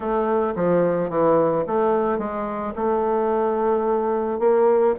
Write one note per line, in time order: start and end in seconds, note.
0.00 0.54 A3
0.55 1.09 F3
1.09 1.64 E3
1.67 2.18 A3
2.18 2.73 G#3
2.75 4.39 A3
4.39 4.94 A#3